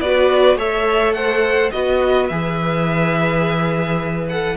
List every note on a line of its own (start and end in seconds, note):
0.00 0.55 B3
0.00 0.57 F#4
0.00 0.57 B4
0.00 0.57 D5
0.55 1.70 A3
0.55 1.72 A4
0.55 1.15 C#5
0.55 1.13 E5
1.13 1.73 C5
1.13 1.70 F#5
1.71 2.30 B3
1.71 2.30 F#4
1.71 4.57 B4
1.71 2.27 D#5
2.27 4.57 E3
2.27 4.30 G#4
2.27 4.27 E5
4.29 4.57 A4
4.29 4.57 F#5